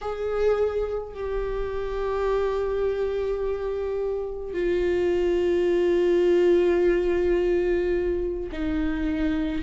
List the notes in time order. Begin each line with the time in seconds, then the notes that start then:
0.01 G#4
1.13 G4
4.53 F4
8.52 D#4